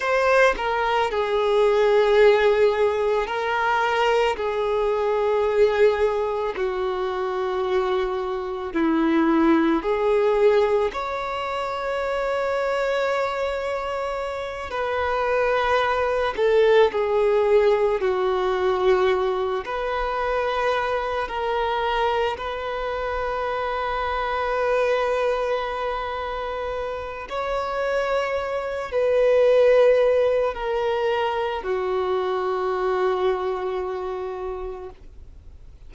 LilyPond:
\new Staff \with { instrumentName = "violin" } { \time 4/4 \tempo 4 = 55 c''8 ais'8 gis'2 ais'4 | gis'2 fis'2 | e'4 gis'4 cis''2~ | cis''4. b'4. a'8 gis'8~ |
gis'8 fis'4. b'4. ais'8~ | ais'8 b'2.~ b'8~ | b'4 cis''4. b'4. | ais'4 fis'2. | }